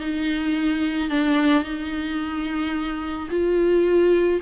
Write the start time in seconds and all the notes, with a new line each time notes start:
0.00 D#4
1.10 D4
1.63 D#4
3.30 F4